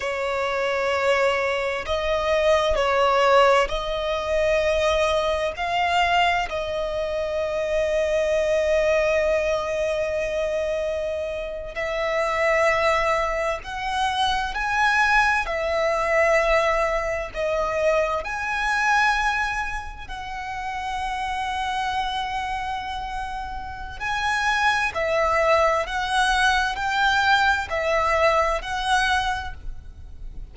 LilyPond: \new Staff \with { instrumentName = "violin" } { \time 4/4 \tempo 4 = 65 cis''2 dis''4 cis''4 | dis''2 f''4 dis''4~ | dis''1~ | dis''8. e''2 fis''4 gis''16~ |
gis''8. e''2 dis''4 gis''16~ | gis''4.~ gis''16 fis''2~ fis''16~ | fis''2 gis''4 e''4 | fis''4 g''4 e''4 fis''4 | }